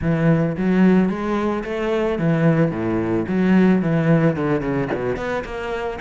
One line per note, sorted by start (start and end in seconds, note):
0.01 0.56 E3
0.57 1.09 F#3
1.09 1.63 G#3
1.64 2.18 A3
2.18 2.71 E3
2.71 3.26 A2
3.27 3.82 F#3
3.82 4.36 E3
4.36 4.61 D3
4.61 4.88 C#3
4.94 5.16 B2
5.16 5.43 B3
5.44 5.99 A#3